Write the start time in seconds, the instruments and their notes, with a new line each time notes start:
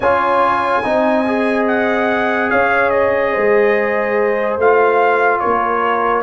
0.00 tuba C#4, trombone F4, horn C#5, trumpet G#5
0.83 tuba C4, trombone D#4, horn D#5
1.26 trombone G#4
1.67 trumpet F#5
2.50 tuba C#4, horn C#5, trumpet F5
2.89 trumpet D#5
3.31 tuba G#3, horn C5
4.57 tuba A3, trombone F4, trumpet F5
5.39 tuba A#3, horn A#4, trumpet C#5